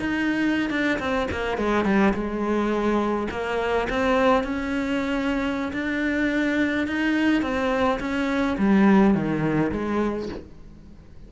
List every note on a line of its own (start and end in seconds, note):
0.00 0.70 D#4
0.70 0.99 D4
0.99 1.28 C4
1.32 1.58 A#3
1.58 1.85 G#3
1.85 2.14 G3
2.14 3.28 G#3
3.31 3.88 A#3
3.90 4.44 C4
4.44 5.72 C#4
5.73 6.88 D4
6.88 7.42 D#4
7.42 7.99 C4
8.00 8.57 C#4
8.58 9.15 G3
9.15 9.72 D#3
9.72 10.29 G#3